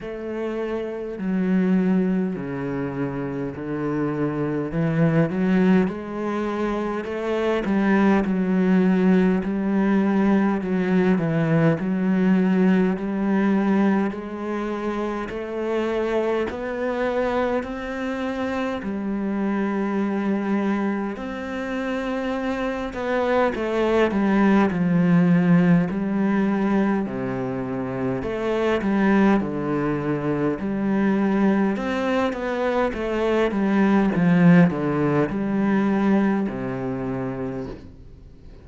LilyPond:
\new Staff \with { instrumentName = "cello" } { \time 4/4 \tempo 4 = 51 a4 fis4 cis4 d4 | e8 fis8 gis4 a8 g8 fis4 | g4 fis8 e8 fis4 g4 | gis4 a4 b4 c'4 |
g2 c'4. b8 | a8 g8 f4 g4 c4 | a8 g8 d4 g4 c'8 b8 | a8 g8 f8 d8 g4 c4 | }